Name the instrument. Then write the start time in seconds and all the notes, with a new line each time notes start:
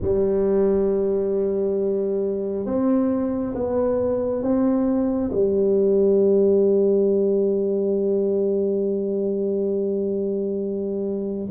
tuba
0.01 G3
2.65 C4
3.55 B3
4.42 C4
5.31 G3